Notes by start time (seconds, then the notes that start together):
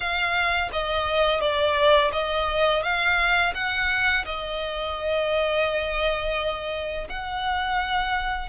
0.00 F5
0.72 D#5
1.40 D5
2.12 D#5
2.82 F5
3.54 F#5
4.25 D#5
7.09 F#5